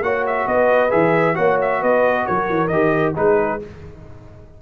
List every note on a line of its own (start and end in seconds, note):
0.00 0.45 A#3
0.00 0.89 F#4
0.00 0.47 C#5
0.00 0.25 F#5
0.26 0.47 E5
0.47 0.92 B3
0.47 1.35 B4
0.47 0.90 D#5
0.89 1.37 E3
0.89 1.34 G#4
0.89 1.35 E5
1.34 1.82 A#3
1.34 2.68 F#4
1.34 1.80 C#5
1.34 1.58 F#5
1.61 1.83 E5
1.80 2.27 B3
1.80 2.24 B4
1.80 2.26 D#5
2.26 2.49 F#3
2.26 3.14 A#4
2.26 2.67 C#5
2.49 2.69 E3
2.67 3.14 D#3
2.67 3.15 G4
2.67 3.12 D#5
3.14 3.61 G#3
3.14 3.59 D#4
3.14 3.59 G#4
3.14 3.61 B4